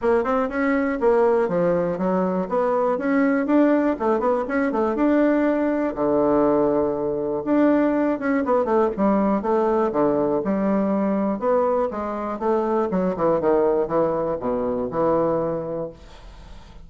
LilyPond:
\new Staff \with { instrumentName = "bassoon" } { \time 4/4 \tempo 4 = 121 ais8 c'8 cis'4 ais4 f4 | fis4 b4 cis'4 d'4 | a8 b8 cis'8 a8 d'2 | d2. d'4~ |
d'8 cis'8 b8 a8 g4 a4 | d4 g2 b4 | gis4 a4 fis8 e8 dis4 | e4 b,4 e2 | }